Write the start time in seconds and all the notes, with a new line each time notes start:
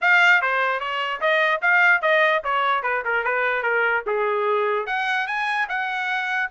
0.01 F5
0.41 C5
0.79 C#5
1.20 D#5
1.61 F5
2.01 D#5
2.44 C#5
2.82 B4
3.04 A#4
3.24 B4
3.63 A#4
4.06 G#4
4.86 F#5
5.27 G#5
5.69 F#5